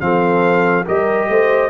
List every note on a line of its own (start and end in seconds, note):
0.00 0.86 F3
0.00 0.85 C4
0.00 0.85 A4
0.00 0.85 F5
0.85 1.29 G3
0.85 1.70 G4
0.85 1.28 A#4
0.85 1.70 D#5
1.29 1.70 A3
1.29 1.70 C5